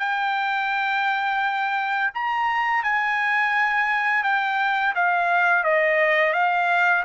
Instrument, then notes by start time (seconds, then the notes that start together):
trumpet
0.00 G5
2.15 A#5
2.84 G#5
4.24 G5
4.95 F5
5.64 D#5
6.34 F5